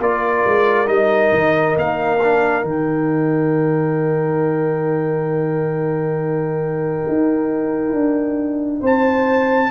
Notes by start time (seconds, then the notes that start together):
0.00 A#3 F4 A#4 D5
0.47 G#3
0.87 G3 D#4 D#5
1.33 D#3
1.77 A#3 F5
2.23 D4
2.63 D#3 D#4 G5
7.08 D#4
7.93 D4
8.81 C4 C5
8.87 A5